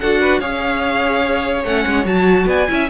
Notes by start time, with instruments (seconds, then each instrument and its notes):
0.00 cello D4, viola F#4, violin A4 F#5
0.21 violin B4
0.40 cello C#4, viola G#4, violin C#5 F5
1.64 cello A3, viola C#4, violin F#5
1.86 cello G#3
2.05 cello F#3, viola F#4, violin A5
2.46 cello B3, violin D5 G#5
2.68 cello C#4, viola E4, violin E5